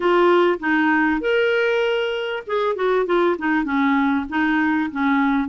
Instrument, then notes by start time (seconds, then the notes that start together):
clarinet
0.00 F4
0.59 D#4
1.21 A#4
2.46 G#4
2.75 F#4
3.06 F4
3.38 D#4
3.64 C#4
4.29 D#4
4.91 C#4